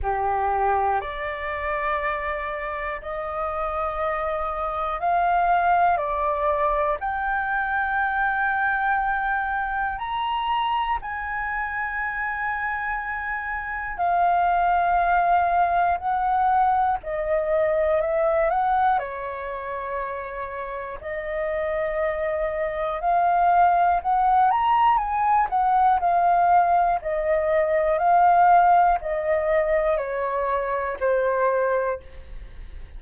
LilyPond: \new Staff \with { instrumentName = "flute" } { \time 4/4 \tempo 4 = 60 g'4 d''2 dis''4~ | dis''4 f''4 d''4 g''4~ | g''2 ais''4 gis''4~ | gis''2 f''2 |
fis''4 dis''4 e''8 fis''8 cis''4~ | cis''4 dis''2 f''4 | fis''8 ais''8 gis''8 fis''8 f''4 dis''4 | f''4 dis''4 cis''4 c''4 | }